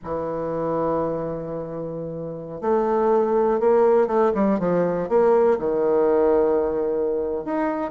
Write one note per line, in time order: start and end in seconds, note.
0.04 2.61 E3
2.61 3.60 A3
3.60 4.07 A#3
4.07 4.31 A3
4.34 4.59 G3
4.59 5.08 F3
5.08 5.58 A#3
5.58 7.44 D#3
7.44 7.91 D#4